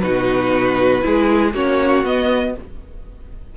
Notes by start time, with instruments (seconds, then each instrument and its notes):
0.00 cello B2, viola D#4, violin F#4 B4
1.02 cello G#3, viola E4, violin G#4
1.54 cello A#3, viola C#4, violin F#4 C#5
2.04 cello B3, viola B3, violin D#5